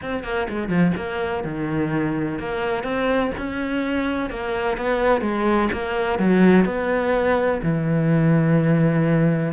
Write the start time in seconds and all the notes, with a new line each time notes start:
0.02 C4
0.23 A#3
0.49 G#3
0.68 F3
0.96 A#3
1.44 D#3
2.39 A#3
2.83 C4
3.37 C#4
4.30 A#3
4.77 B3
5.21 G#3
5.72 A#3
6.18 F#3
6.65 B3
7.62 E3